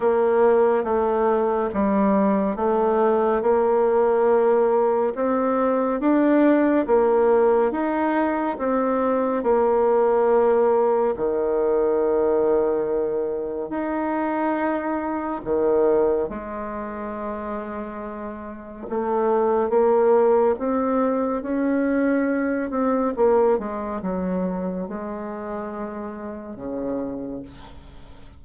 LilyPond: \new Staff \with { instrumentName = "bassoon" } { \time 4/4 \tempo 4 = 70 ais4 a4 g4 a4 | ais2 c'4 d'4 | ais4 dis'4 c'4 ais4~ | ais4 dis2. |
dis'2 dis4 gis4~ | gis2 a4 ais4 | c'4 cis'4. c'8 ais8 gis8 | fis4 gis2 cis4 | }